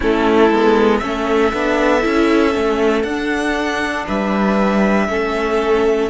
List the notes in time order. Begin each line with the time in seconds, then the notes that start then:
0.00 A3 C#4 E4 A4
0.50 G#3 B3
0.98 A3 C#4 A4 E5
1.53 B3 D4
2.01 C#4 E4
2.53 A3 C#4
3.03 D4 F#5
3.09 D4
4.06 G3 B4 E5
5.08 A3 C#4 A4